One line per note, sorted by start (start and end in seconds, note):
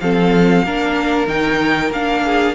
0.00 0.63 F3
0.00 0.65 C4
0.00 0.65 A4
0.00 1.28 F5
0.63 1.27 A#3
0.63 1.27 D4
0.63 2.24 A#4
1.27 1.91 D#3
1.27 1.91 D#4
1.27 1.92 G5
1.91 2.55 A#3
1.91 2.55 D4
1.91 2.55 F5
2.24 2.55 G#4